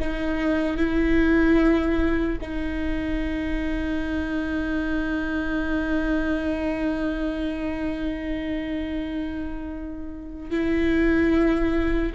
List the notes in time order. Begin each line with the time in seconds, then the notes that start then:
0.00 D#4
0.77 E4
2.41 D#4
10.51 E4